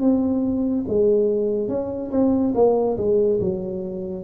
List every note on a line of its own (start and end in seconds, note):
0.00 0.85 C4
0.88 1.68 G#3
1.68 2.10 C#4
2.11 2.53 C4
2.54 2.97 A#3
2.97 3.40 G#3
3.40 4.24 F#3